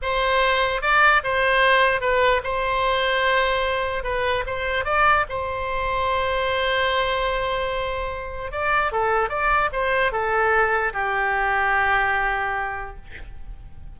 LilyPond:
\new Staff \with { instrumentName = "oboe" } { \time 4/4 \tempo 4 = 148 c''2 d''4 c''4~ | c''4 b'4 c''2~ | c''2 b'4 c''4 | d''4 c''2.~ |
c''1~ | c''4 d''4 a'4 d''4 | c''4 a'2 g'4~ | g'1 | }